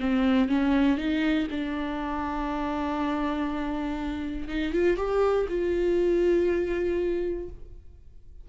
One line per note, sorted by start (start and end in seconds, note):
0.00 0.49 C4
0.49 0.98 C#4
0.98 1.48 D#4
1.51 4.48 D4
4.48 4.73 D#4
4.73 4.97 F4
4.97 5.47 G4
5.49 7.49 F4